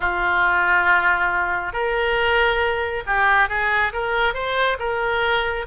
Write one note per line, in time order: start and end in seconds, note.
0.00 1.72 F4
1.72 3.03 A#4
3.06 3.48 G4
3.48 3.92 G#4
3.92 4.34 A#4
4.34 4.77 C5
4.79 5.66 A#4